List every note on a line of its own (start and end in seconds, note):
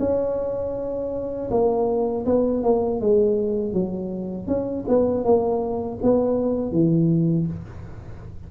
0.00 1.50 C#4
1.51 2.26 A#3
2.26 2.64 B3
2.64 3.01 A#3
3.01 3.73 G#3
3.73 4.47 F#3
4.47 4.85 C#4
4.88 5.24 B3
5.24 5.99 A#3
6.03 6.72 B3
6.72 7.47 E3